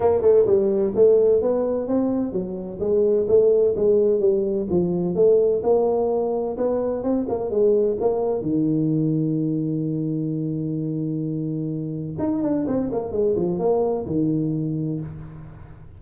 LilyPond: \new Staff \with { instrumentName = "tuba" } { \time 4/4 \tempo 4 = 128 ais8 a8 g4 a4 b4 | c'4 fis4 gis4 a4 | gis4 g4 f4 a4 | ais2 b4 c'8 ais8 |
gis4 ais4 dis2~ | dis1~ | dis2 dis'8 d'8 c'8 ais8 | gis8 f8 ais4 dis2 | }